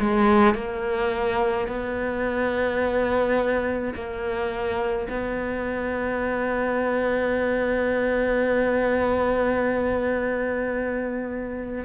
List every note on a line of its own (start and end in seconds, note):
0.00 0.55 G#3
0.55 1.68 A#3
1.68 3.94 B3
3.94 5.07 A#3
5.10 11.85 B3